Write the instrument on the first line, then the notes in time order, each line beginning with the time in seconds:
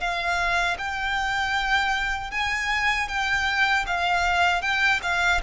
violin
0.00 F5
0.78 G5
2.31 G#5
3.08 G5
3.86 F5
4.62 G5
5.02 F5